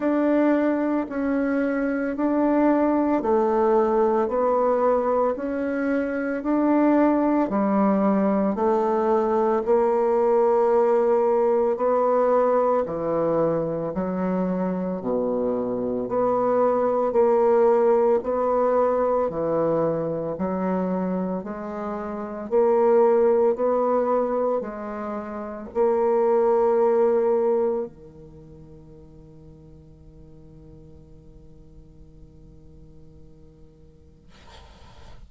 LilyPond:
\new Staff \with { instrumentName = "bassoon" } { \time 4/4 \tempo 4 = 56 d'4 cis'4 d'4 a4 | b4 cis'4 d'4 g4 | a4 ais2 b4 | e4 fis4 b,4 b4 |
ais4 b4 e4 fis4 | gis4 ais4 b4 gis4 | ais2 dis2~ | dis1 | }